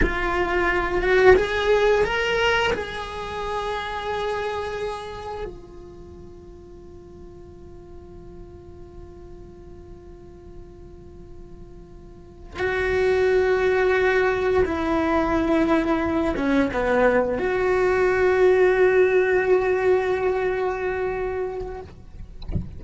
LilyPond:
\new Staff \with { instrumentName = "cello" } { \time 4/4 \tempo 4 = 88 f'4. fis'8 gis'4 ais'4 | gis'1 | f'1~ | f'1~ |
f'2~ f'8 fis'4.~ | fis'4. e'2~ e'8 | cis'8 b4 fis'2~ fis'8~ | fis'1 | }